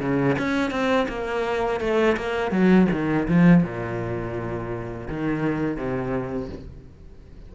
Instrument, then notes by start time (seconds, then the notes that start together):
cello
0.00 C#3
0.39 C#4
0.71 C4
1.09 A#3
1.81 A3
2.17 A#3
2.52 F#3
2.92 D#3
3.28 F3
3.63 A#2
5.08 D#3
5.77 C3